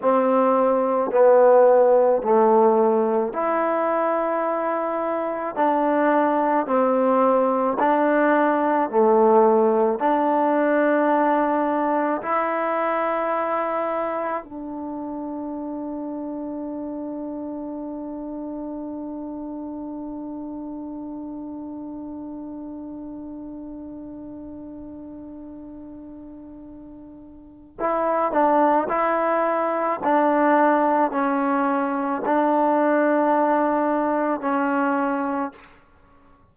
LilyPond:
\new Staff \with { instrumentName = "trombone" } { \time 4/4 \tempo 4 = 54 c'4 b4 a4 e'4~ | e'4 d'4 c'4 d'4 | a4 d'2 e'4~ | e'4 d'2.~ |
d'1~ | d'1~ | d'4 e'8 d'8 e'4 d'4 | cis'4 d'2 cis'4 | }